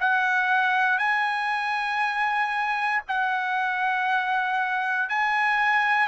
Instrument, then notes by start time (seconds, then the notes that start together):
trumpet
0.00 F#5
0.98 G#5
3.08 F#5
5.09 G#5